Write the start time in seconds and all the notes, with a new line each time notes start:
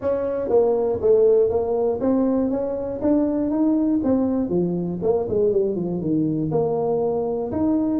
0.01 C#4
0.49 A#3
1.01 A3
1.49 A#3
2.00 C4
2.50 C#4
3.01 D4
3.50 D#4
4.03 C4
4.49 F3
5.02 A#3
5.28 G#3
5.52 G3
5.75 F3
6.00 D#3
6.51 A#3
7.51 D#4